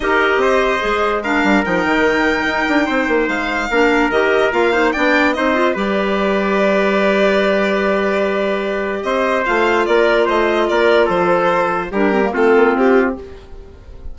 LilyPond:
<<
  \new Staff \with { instrumentName = "violin" } { \time 4/4 \tempo 4 = 146 dis''2. f''4 | g''1 | f''2 dis''4 f''4 | g''4 dis''4 d''2~ |
d''1~ | d''2 dis''4 f''4 | d''4 dis''4 d''4 c''4~ | c''4 ais'4 a'4 g'4 | }
  \new Staff \with { instrumentName = "trumpet" } { \time 4/4 ais'4 c''2 ais'4~ | ais'2. c''4~ | c''4 ais'2~ ais'8 c''8 | d''4 c''4 b'2~ |
b'1~ | b'2 c''2 | ais'4 c''4 ais'4 a'4~ | a'4 g'4 f'2 | }
  \new Staff \with { instrumentName = "clarinet" } { \time 4/4 g'2 gis'4 d'4 | dis'1~ | dis'4 d'4 g'4 f'8 dis'8 | d'4 dis'8 f'8 g'2~ |
g'1~ | g'2. f'4~ | f'1~ | f'4 d'8 c'16 ais16 c'2 | }
  \new Staff \with { instrumentName = "bassoon" } { \time 4/4 dis'4 c'4 gis4. g8 | f8 dis4. dis'8 d'8 c'8 ais8 | gis4 ais4 dis4 ais4 | b4 c'4 g2~ |
g1~ | g2 c'4 a4 | ais4 a4 ais4 f4~ | f4 g4 a8 ais8 c'4 | }
>>